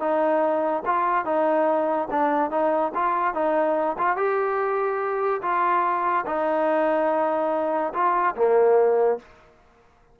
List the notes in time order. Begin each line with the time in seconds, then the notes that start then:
0.00 D#4
0.86 F4
1.25 D#4
2.11 D4
2.51 D#4
2.95 F4
3.35 D#4
3.98 F4
4.17 G4
5.42 F4
6.27 D#4
7.94 F4
8.36 A#3